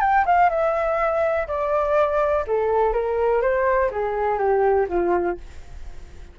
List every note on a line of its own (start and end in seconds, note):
0.00 0.24 G5
0.25 0.49 F5
0.49 1.47 E5
1.47 2.45 D5
2.47 2.92 A4
2.92 3.41 A#4
3.41 3.90 C5
3.91 4.38 G#4
4.38 4.87 G4
4.89 5.37 F4